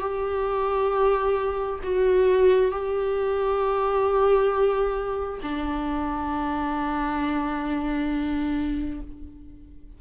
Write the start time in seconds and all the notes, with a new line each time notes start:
0.00 G4
1.83 F#4
2.71 G4
5.42 D4